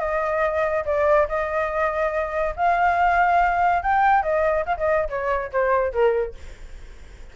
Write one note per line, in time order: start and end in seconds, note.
0.00 0.85 D#5
0.86 1.28 D5
1.28 2.55 D#5
2.56 3.83 F5
3.83 4.23 G5
4.23 4.65 D#5
4.66 4.77 F5
4.77 5.09 D#5
5.09 5.52 C#5
5.52 5.93 C5
5.93 6.35 A#4